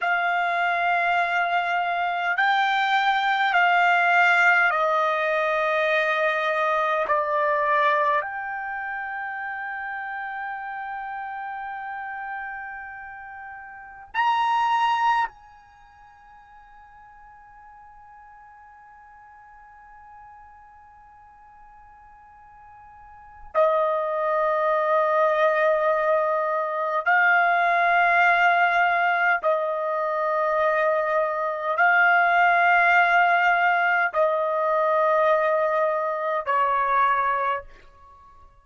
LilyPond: \new Staff \with { instrumentName = "trumpet" } { \time 4/4 \tempo 4 = 51 f''2 g''4 f''4 | dis''2 d''4 g''4~ | g''1 | ais''4 gis''2.~ |
gis''1 | dis''2. f''4~ | f''4 dis''2 f''4~ | f''4 dis''2 cis''4 | }